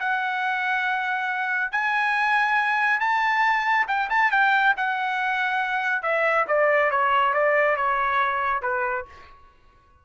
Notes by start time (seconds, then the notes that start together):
0.00 F#5
1.72 G#5
3.01 A5
3.88 G5
4.10 A5
4.32 G5
4.77 F#5
6.03 E5
6.48 D5
6.91 C#5
7.34 D5
7.77 C#5
8.63 B4